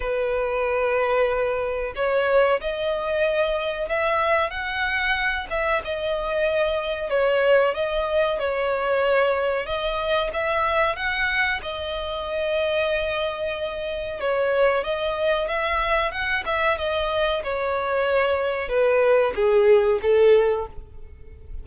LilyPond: \new Staff \with { instrumentName = "violin" } { \time 4/4 \tempo 4 = 93 b'2. cis''4 | dis''2 e''4 fis''4~ | fis''8 e''8 dis''2 cis''4 | dis''4 cis''2 dis''4 |
e''4 fis''4 dis''2~ | dis''2 cis''4 dis''4 | e''4 fis''8 e''8 dis''4 cis''4~ | cis''4 b'4 gis'4 a'4 | }